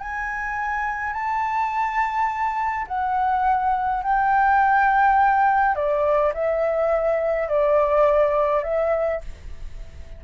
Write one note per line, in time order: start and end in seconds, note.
0.00 1.13 G#5
1.13 2.86 A5
2.88 4.03 F#5
4.03 5.76 G5
5.76 6.33 D5
6.34 7.49 E5
7.49 8.64 D5
8.64 9.21 E5